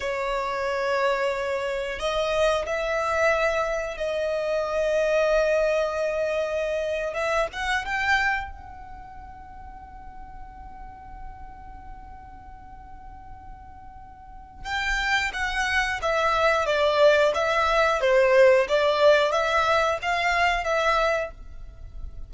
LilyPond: \new Staff \with { instrumentName = "violin" } { \time 4/4 \tempo 4 = 90 cis''2. dis''4 | e''2 dis''2~ | dis''2~ dis''8. e''8 fis''8 g''16~ | g''8. fis''2.~ fis''16~ |
fis''1~ | fis''2 g''4 fis''4 | e''4 d''4 e''4 c''4 | d''4 e''4 f''4 e''4 | }